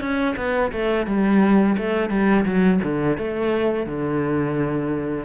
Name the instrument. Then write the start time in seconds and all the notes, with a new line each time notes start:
cello
0.00 C#4
0.36 B3
0.72 A3
1.06 G3
1.77 A3
2.09 G3
2.45 F#3
2.83 D3
3.17 A3
3.86 D3